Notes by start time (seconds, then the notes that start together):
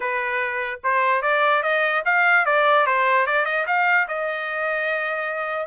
0.00 B4
0.83 C5
1.22 D5
1.62 D#5
2.05 F5
2.45 D5
2.86 C5
3.26 D5
3.45 D#5
3.66 F5
4.08 D#5